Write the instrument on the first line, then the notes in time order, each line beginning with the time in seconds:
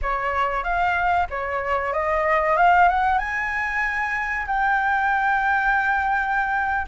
flute
0.01 C#5
0.63 F5
1.29 C#5
1.93 D#5
2.56 F5
2.88 F#5
3.18 G#5
4.47 G5